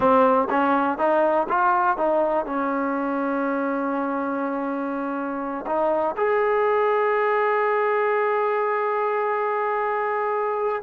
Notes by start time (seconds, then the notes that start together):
0.00 C4
0.50 C#4
0.97 D#4
1.48 F4
1.97 D#4
2.45 C#4
5.66 D#4
6.16 G#4